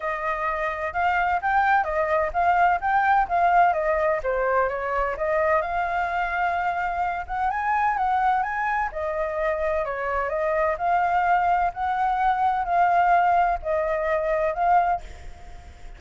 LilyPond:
\new Staff \with { instrumentName = "flute" } { \time 4/4 \tempo 4 = 128 dis''2 f''4 g''4 | dis''4 f''4 g''4 f''4 | dis''4 c''4 cis''4 dis''4 | f''2.~ f''8 fis''8 |
gis''4 fis''4 gis''4 dis''4~ | dis''4 cis''4 dis''4 f''4~ | f''4 fis''2 f''4~ | f''4 dis''2 f''4 | }